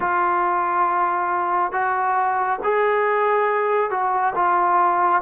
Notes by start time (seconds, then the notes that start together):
0.00 F4
1.72 F#4
2.63 G#4
3.90 F#4
4.35 F4